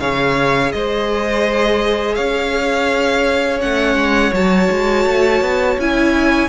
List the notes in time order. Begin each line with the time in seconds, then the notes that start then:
0.00 C#3 G#4 C#5 F5
0.72 G#3 C5 D#5
2.15 C#4 C#5 F5
3.60 A3 C#4 F#5
3.95 G#3
4.33 F#3 F#4 A5
4.71 G#3
5.06 A3
5.41 B3
5.78 C#4 E4 G#5